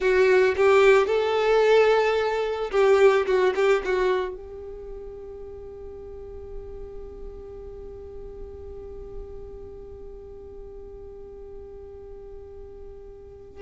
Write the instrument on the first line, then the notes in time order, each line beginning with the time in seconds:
violin
0.00 F#4
0.56 G4
1.07 A4
2.71 G4
3.26 F#4
3.55 G4
3.85 F#4
4.35 G4